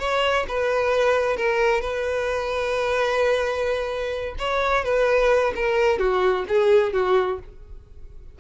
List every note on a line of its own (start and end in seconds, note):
0.00 0.46 C#5
0.48 1.37 B4
1.37 1.81 A#4
1.81 4.35 B4
4.39 4.85 C#5
4.85 5.54 B4
5.56 5.99 A#4
5.99 6.45 F#4
6.48 6.93 G#4
6.93 7.40 F#4